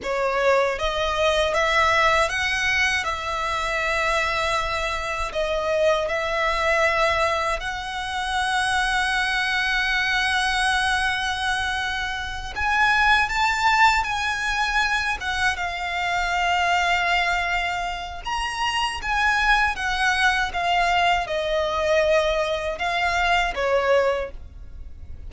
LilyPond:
\new Staff \with { instrumentName = "violin" } { \time 4/4 \tempo 4 = 79 cis''4 dis''4 e''4 fis''4 | e''2. dis''4 | e''2 fis''2~ | fis''1~ |
fis''8 gis''4 a''4 gis''4. | fis''8 f''2.~ f''8 | ais''4 gis''4 fis''4 f''4 | dis''2 f''4 cis''4 | }